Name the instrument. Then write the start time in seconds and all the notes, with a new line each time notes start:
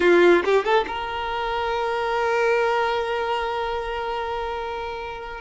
violin
0.00 F4
0.44 G4
0.64 A4
0.87 A#4